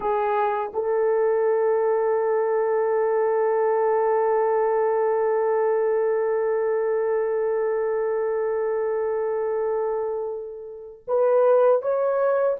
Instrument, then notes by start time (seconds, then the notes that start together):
horn
0.00 G#4
0.73 A4
11.07 B4
11.81 C#5